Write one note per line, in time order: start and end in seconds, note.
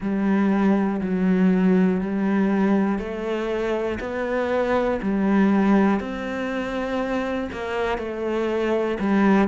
0.00 1.00 G3
1.01 2.00 F#3
2.00 2.99 G3
2.99 3.99 A3
4.00 5.00 B3
5.01 6.00 G3
6.00 7.50 C4
7.52 7.98 A#3
7.98 8.98 A3
8.99 9.48 G3